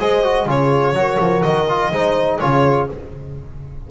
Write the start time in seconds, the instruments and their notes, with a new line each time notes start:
0.00 double bass G#3, trombone G#4, horn C5, violin D#5
0.24 trombone F#4
0.46 double bass C#3, trombone F4, horn G#4, violin C#5
0.93 double bass F#3, trombone F#4
0.99 horn A#4
1.20 double bass F3
1.43 double bass D#3, violin D#5
1.69 trombone F4
1.92 double bass G#3, trombone D#4, horn C5
2.40 double bass C#3, trombone F4, horn G#4, violin C#5